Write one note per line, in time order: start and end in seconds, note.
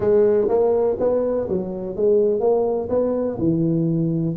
0.00 0.47 G#3
0.48 0.96 A#3
0.99 1.48 B3
1.48 1.96 F#3
1.96 2.40 G#3
2.40 2.88 A#3
2.89 3.37 B3
3.38 4.35 E3